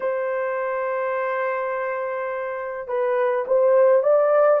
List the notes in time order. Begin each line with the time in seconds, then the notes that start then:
0.00 C5
2.87 B4
3.47 C5
4.02 D5